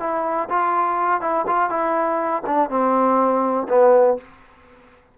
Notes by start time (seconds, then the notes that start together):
0.00 E4
0.49 F4
1.21 E4
1.47 F4
1.70 E4
2.46 D4
2.70 C4
3.69 B3